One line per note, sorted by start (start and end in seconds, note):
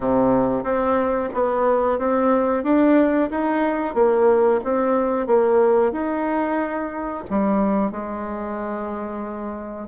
0.00 0.63 C3
0.63 1.29 C4
1.34 1.98 B3
1.98 2.63 C4
2.63 3.29 D4
3.30 3.94 D#4
3.94 4.60 A#3
4.63 5.26 C4
5.26 5.92 A#3
5.92 7.23 D#4
7.29 7.91 G3
7.91 9.88 G#3